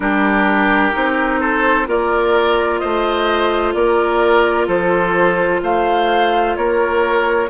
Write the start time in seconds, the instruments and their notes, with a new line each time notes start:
0.00 bassoon G3, clarinet D4, oboe G4, flute A#4
0.92 bassoon C4, clarinet D#4
1.40 oboe A4, flute C5
1.86 bassoon A#3, clarinet F4, oboe A#4, flute D5
2.78 bassoon A3, oboe C5, flute D#5
3.73 bassoon A#3, oboe A#4, flute D5
4.67 bassoon F3, oboe A4, flute C5
5.62 bassoon A3, oboe C5, flute F5
6.56 bassoon A#3, oboe A#4, flute C#5